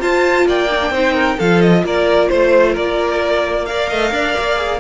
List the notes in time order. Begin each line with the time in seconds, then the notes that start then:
0.00 F4 C5 A5
0.46 A#3 D5 G5
0.70 D#4
0.81 D4
0.90 C4 D#4 C5
1.15 A#4
1.37 F3 F4 A4 F5
1.61 D#5
1.84 A#3 A#4 D5
2.29 A3 C5
2.72 A#3 A#4 D5
3.66 A#4 D5 F5
3.89 A3 D#5
4.12 D4 D5
4.39 A#3
4.57 G#4